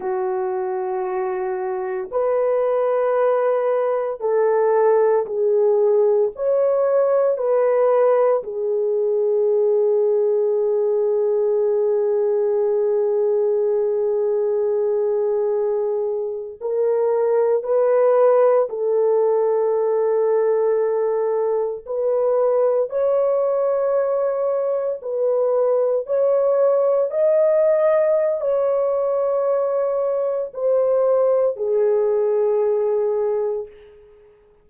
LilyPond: \new Staff \with { instrumentName = "horn" } { \time 4/4 \tempo 4 = 57 fis'2 b'2 | a'4 gis'4 cis''4 b'4 | gis'1~ | gis'2.~ gis'8. ais'16~ |
ais'8. b'4 a'2~ a'16~ | a'8. b'4 cis''2 b'16~ | b'8. cis''4 dis''4~ dis''16 cis''4~ | cis''4 c''4 gis'2 | }